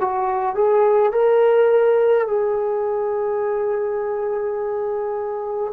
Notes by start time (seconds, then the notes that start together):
0.00 F#4
0.55 G#4
1.12 A#4
2.27 G#4